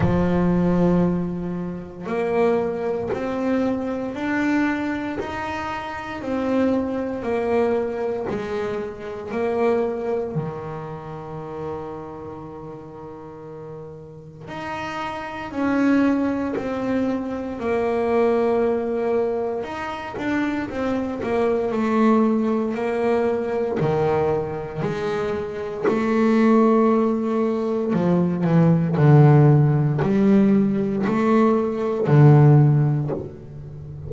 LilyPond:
\new Staff \with { instrumentName = "double bass" } { \time 4/4 \tempo 4 = 58 f2 ais4 c'4 | d'4 dis'4 c'4 ais4 | gis4 ais4 dis2~ | dis2 dis'4 cis'4 |
c'4 ais2 dis'8 d'8 | c'8 ais8 a4 ais4 dis4 | gis4 a2 f8 e8 | d4 g4 a4 d4 | }